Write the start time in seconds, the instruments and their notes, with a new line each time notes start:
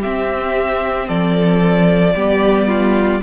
0.00 viola C4, cello C4, violin G4 E5
1.08 cello F3, violin A4 D5
2.15 cello G3, viola B3, violin G4
2.68 violin F4